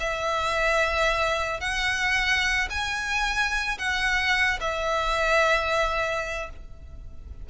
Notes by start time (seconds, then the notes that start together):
0.00 E5
1.61 F#5
2.70 G#5
3.79 F#5
4.61 E5